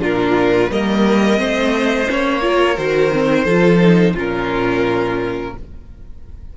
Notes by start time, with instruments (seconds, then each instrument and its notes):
0.00 cello A#2, viola D4, violin F4 A#4
0.70 cello G3, viola A#3, violin A#4 D#5
1.37 cello A3, viola C4, violin C5
2.08 cello A#3, viola C#4, violin C#5
2.42 viola F4, violin A#4
2.78 cello D#3, viola F#4, violin C5
3.12 viola C4
3.45 cello F3, viola F4, violin A4
3.80 viola D#4
4.15 cello A#2, viola C#4, violin F4 A#4